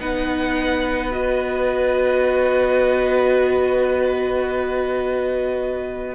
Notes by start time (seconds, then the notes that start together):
0.00 B3 D#4 B4 F#5
1.12 F#4 D#5